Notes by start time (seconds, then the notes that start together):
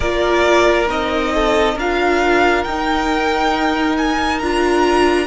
0.00 A#3 F4 A#4 D5
0.87 C4 D#4 D#5
1.34 A4
1.74 D4 F4 A#4 F5
2.63 D#4 G5
3.97 G#5
4.39 D4 F4 A#5